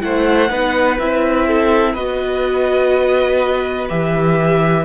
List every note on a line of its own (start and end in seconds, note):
0.00 0.50 A3
0.00 0.48 E4
0.00 0.50 C5
0.00 0.98 F#5
0.50 0.98 B3
0.50 0.99 D#4
0.50 1.47 B4
0.99 1.95 C4
0.99 1.96 E4
0.99 1.94 E5
1.47 1.93 A4
1.93 3.89 B3
1.93 3.89 F#4
1.93 4.83 B4
1.93 3.88 D#5
3.89 4.85 E3
3.89 4.85 G4
3.89 4.85 E5